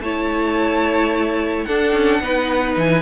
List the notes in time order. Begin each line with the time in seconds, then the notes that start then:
0.00 A3 E4 C#5 A5
1.64 D4 A4 F#5
1.92 C#4
2.21 B3 D#4 B4
2.77 E3 G#5